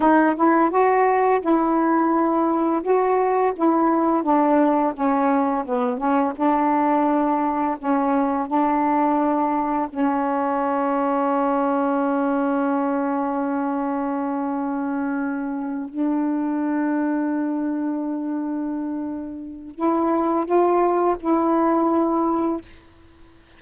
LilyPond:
\new Staff \with { instrumentName = "saxophone" } { \time 4/4 \tempo 4 = 85 dis'8 e'8 fis'4 e'2 | fis'4 e'4 d'4 cis'4 | b8 cis'8 d'2 cis'4 | d'2 cis'2~ |
cis'1~ | cis'2~ cis'8 d'4.~ | d'1 | e'4 f'4 e'2 | }